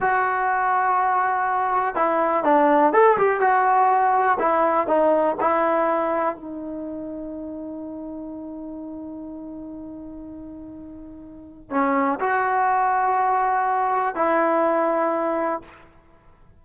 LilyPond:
\new Staff \with { instrumentName = "trombone" } { \time 4/4 \tempo 4 = 123 fis'1 | e'4 d'4 a'8 g'8 fis'4~ | fis'4 e'4 dis'4 e'4~ | e'4 dis'2.~ |
dis'1~ | dis'1 | cis'4 fis'2.~ | fis'4 e'2. | }